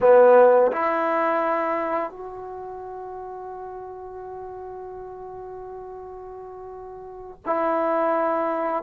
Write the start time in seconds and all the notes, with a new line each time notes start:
0.00 B3
0.72 E4
2.10 F#4
7.45 E4